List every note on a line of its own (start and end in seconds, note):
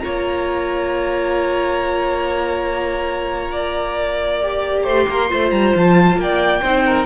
0.00 4.84 A#3
0.00 4.42 F4
0.00 3.52 C#5
0.00 4.85 A#5
3.52 4.84 D5
4.42 5.29 G4
4.84 5.06 A3
4.84 5.06 C5
4.84 5.52 C6
5.09 5.31 A#3
5.09 5.30 A#4
5.29 5.52 A3
5.29 6.61 F4
5.29 6.18 C5
5.52 5.74 G3
5.52 5.74 A#5
5.76 6.17 F3
5.76 6.20 A5
6.17 6.61 A#3
6.17 7.06 G5
6.23 6.62 D5
6.62 7.06 C4
6.62 7.06 D#4
6.62 6.84 C5
6.86 7.06 A#4